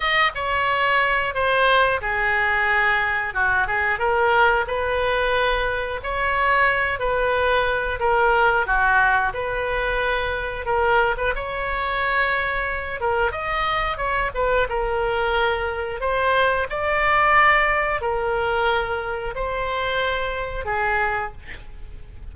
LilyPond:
\new Staff \with { instrumentName = "oboe" } { \time 4/4 \tempo 4 = 90 dis''8 cis''4. c''4 gis'4~ | gis'4 fis'8 gis'8 ais'4 b'4~ | b'4 cis''4. b'4. | ais'4 fis'4 b'2 |
ais'8. b'16 cis''2~ cis''8 ais'8 | dis''4 cis''8 b'8 ais'2 | c''4 d''2 ais'4~ | ais'4 c''2 gis'4 | }